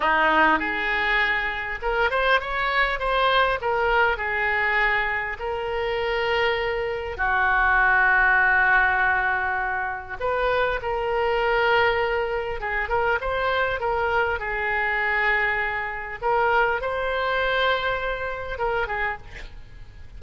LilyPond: \new Staff \with { instrumentName = "oboe" } { \time 4/4 \tempo 4 = 100 dis'4 gis'2 ais'8 c''8 | cis''4 c''4 ais'4 gis'4~ | gis'4 ais'2. | fis'1~ |
fis'4 b'4 ais'2~ | ais'4 gis'8 ais'8 c''4 ais'4 | gis'2. ais'4 | c''2. ais'8 gis'8 | }